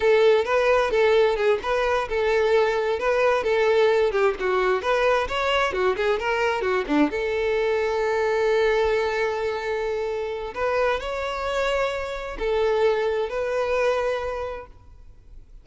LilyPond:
\new Staff \with { instrumentName = "violin" } { \time 4/4 \tempo 4 = 131 a'4 b'4 a'4 gis'8 b'8~ | b'8 a'2 b'4 a'8~ | a'4 g'8 fis'4 b'4 cis''8~ | cis''8 fis'8 gis'8 ais'4 fis'8 d'8 a'8~ |
a'1~ | a'2. b'4 | cis''2. a'4~ | a'4 b'2. | }